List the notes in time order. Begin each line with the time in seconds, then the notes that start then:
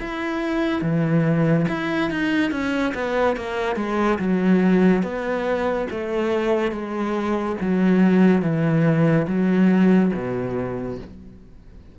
0.00 E4
0.81 E3
1.68 E4
2.10 D#4
2.51 C#4
2.94 B3
3.36 A#3
3.76 G#3
4.18 F#3
5.02 B3
5.90 A3
6.71 G#3
7.61 F#3
8.42 E3
9.27 F#3
10.14 B2